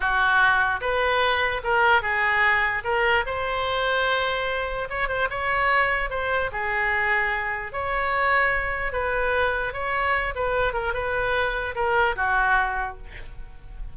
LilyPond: \new Staff \with { instrumentName = "oboe" } { \time 4/4 \tempo 4 = 148 fis'2 b'2 | ais'4 gis'2 ais'4 | c''1 | cis''8 c''8 cis''2 c''4 |
gis'2. cis''4~ | cis''2 b'2 | cis''4. b'4 ais'8 b'4~ | b'4 ais'4 fis'2 | }